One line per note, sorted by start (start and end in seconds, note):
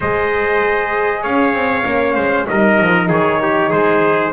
0.00 1.24 G#3
0.00 1.84 G#4
0.00 1.22 C5
0.00 1.23 D#5
1.22 1.53 C#4
1.22 2.14 C#5
1.22 2.47 F5
1.53 1.84 C4
1.84 2.16 A#3
1.84 2.45 C#4
2.15 2.47 G#3
2.15 2.45 C5
2.47 2.80 G3
2.47 4.32 D#4
2.47 3.08 A#4
2.47 3.09 D#5
2.81 3.09 F3
3.08 3.71 D#3
3.08 3.39 G#4
3.08 3.72 C#5
3.41 3.69 G4
3.69 4.32 G#3
3.69 4.31 G#4
3.69 4.32 C5